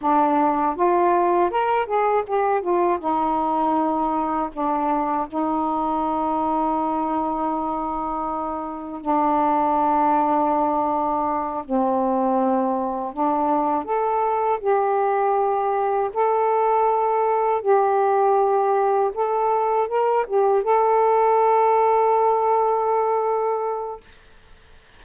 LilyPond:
\new Staff \with { instrumentName = "saxophone" } { \time 4/4 \tempo 4 = 80 d'4 f'4 ais'8 gis'8 g'8 f'8 | dis'2 d'4 dis'4~ | dis'1 | d'2.~ d'8 c'8~ |
c'4. d'4 a'4 g'8~ | g'4. a'2 g'8~ | g'4. a'4 ais'8 g'8 a'8~ | a'1 | }